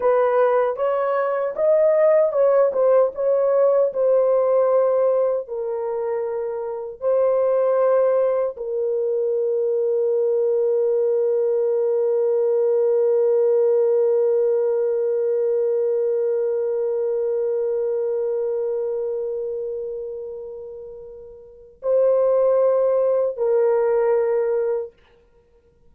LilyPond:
\new Staff \with { instrumentName = "horn" } { \time 4/4 \tempo 4 = 77 b'4 cis''4 dis''4 cis''8 c''8 | cis''4 c''2 ais'4~ | ais'4 c''2 ais'4~ | ais'1~ |
ais'1~ | ais'1~ | ais'1 | c''2 ais'2 | }